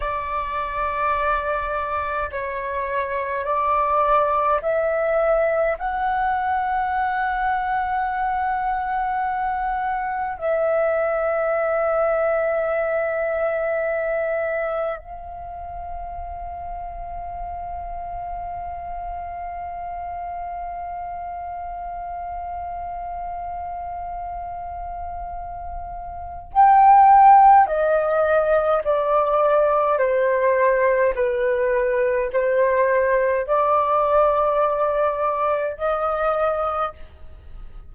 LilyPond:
\new Staff \with { instrumentName = "flute" } { \time 4/4 \tempo 4 = 52 d''2 cis''4 d''4 | e''4 fis''2.~ | fis''4 e''2.~ | e''4 f''2.~ |
f''1~ | f''2. g''4 | dis''4 d''4 c''4 b'4 | c''4 d''2 dis''4 | }